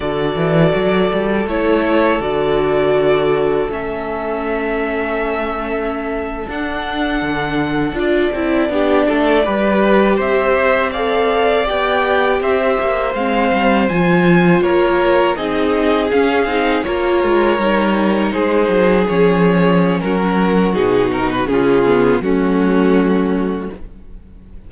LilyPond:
<<
  \new Staff \with { instrumentName = "violin" } { \time 4/4 \tempo 4 = 81 d''2 cis''4 d''4~ | d''4 e''2.~ | e''8. fis''2 d''4~ d''16~ | d''4.~ d''16 e''4 f''4 g''16~ |
g''8. e''4 f''4 gis''4 cis''16~ | cis''8. dis''4 f''4 cis''4~ cis''16~ | cis''8. c''4 cis''4~ cis''16 ais'4 | gis'8 ais'16 b'16 gis'4 fis'2 | }
  \new Staff \with { instrumentName = "violin" } { \time 4/4 a'1~ | a'1~ | a'2.~ a'8. g'16~ | g'16 a'8 b'4 c''4 d''4~ d''16~ |
d''8. c''2. ais'16~ | ais'8. gis'2 ais'4~ ais'16~ | ais'8. gis'2~ gis'16 fis'4~ | fis'4 f'4 cis'2 | }
  \new Staff \with { instrumentName = "viola" } { \time 4/4 fis'2 e'4 fis'4~ | fis'4 cis'2.~ | cis'8. d'2 f'8 e'8 d'16~ | d'8. g'2 a'4 g'16~ |
g'4.~ g'16 c'4 f'4~ f'16~ | f'8. dis'4 cis'8 dis'8 f'4 dis'16~ | dis'4.~ dis'16 cis'2~ cis'16 | dis'4 cis'8 b8 a2 | }
  \new Staff \with { instrumentName = "cello" } { \time 4/4 d8 e8 fis8 g8 a4 d4~ | d4 a2.~ | a8. d'4 d4 d'8 c'8 b16~ | b16 a8 g4 c'2 b16~ |
b8. c'8 ais8 gis8 g8 f4 ais16~ | ais8. c'4 cis'8 c'8 ais8 gis8 g16~ | g8. gis8 fis8 f4~ f16 fis4 | b,4 cis4 fis2 | }
>>